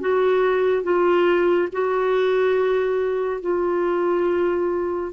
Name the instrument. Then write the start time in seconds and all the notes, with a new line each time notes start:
clarinet
0.00 F#4
0.83 F4
1.72 F#4
3.41 F4